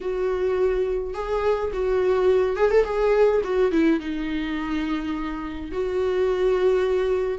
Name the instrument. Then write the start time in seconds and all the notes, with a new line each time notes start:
viola
0.00 F#4
1.14 G#4
1.73 F#4
2.56 G#4
2.70 A4
2.84 G#4
3.44 F#4
3.71 E4
4.00 D#4
5.71 F#4